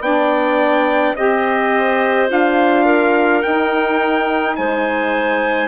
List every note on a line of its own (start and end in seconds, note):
0.00 1.13 B3
0.00 1.16 D4
0.00 1.16 D5
0.00 1.15 G5
1.16 2.30 C4
1.16 2.28 G4
1.16 2.85 C5
1.16 2.29 D#5
2.28 3.43 D4
2.28 3.41 F4
2.28 3.42 F5
2.85 4.54 A#4
3.42 5.68 D#4
3.42 4.58 D#4
3.42 4.55 G5
4.56 5.68 G#3
4.56 5.68 C5
4.56 5.68 G#5